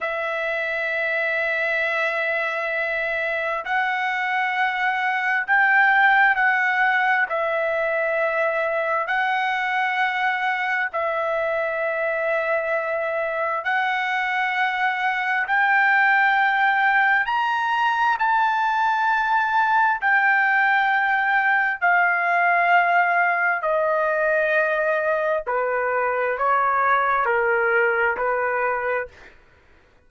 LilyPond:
\new Staff \with { instrumentName = "trumpet" } { \time 4/4 \tempo 4 = 66 e''1 | fis''2 g''4 fis''4 | e''2 fis''2 | e''2. fis''4~ |
fis''4 g''2 ais''4 | a''2 g''2 | f''2 dis''2 | b'4 cis''4 ais'4 b'4 | }